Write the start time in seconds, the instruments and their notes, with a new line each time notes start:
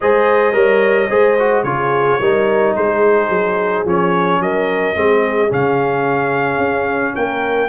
0.01 tuba G#3, trombone G#4, horn C5, trumpet D#5
0.53 tuba G3, trombone A#4, horn C#5
1.09 tuba G#3, trombone G#4, horn C5
1.38 trombone F#4
1.63 tuba C#3, trombone F4, horn G#4, trumpet C#5
2.19 tuba G3, trombone D#4, horn A#4
2.76 tuba G#3, horn G#4, trumpet C5
3.28 tuba F#3
3.84 tuba F3, trombone C#4, trumpet C#5
4.39 tuba F#3, horn A#4, trumpet D#5
4.94 tuba G#3, trombone C4, horn G#4
5.49 tuba C#3, trombone C#4, trumpet F5
6.58 tuba C#4
7.14 tuba A#3, horn A#4, trumpet G5